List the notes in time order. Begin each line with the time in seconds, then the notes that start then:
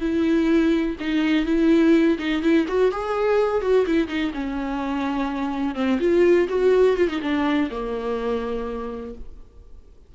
0.00 E4
1.00 D#4
1.46 E4
2.18 D#4
2.42 E4
2.68 F#4
2.91 G#4
3.62 F#4
3.86 E4
4.08 D#4
4.34 C#4
5.75 C4
6.00 F4
6.48 F#4
6.96 F4
7.09 D#4
7.22 D4
7.70 A#3